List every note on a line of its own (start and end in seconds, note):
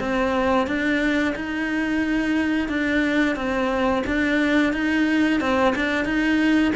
0.00 0.67 C4
0.67 1.35 D4
1.36 2.69 D#4
2.69 3.36 D4
3.36 4.03 C4
4.07 4.73 D4
4.73 5.41 D#4
5.41 5.75 C4
5.76 6.05 D4
6.05 6.73 D#4